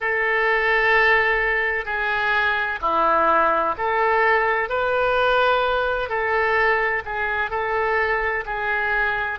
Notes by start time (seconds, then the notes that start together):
0.00 A4
1.85 G#4
2.81 E4
3.77 A4
4.69 B4
6.09 A4
7.05 G#4
7.50 A4
8.45 G#4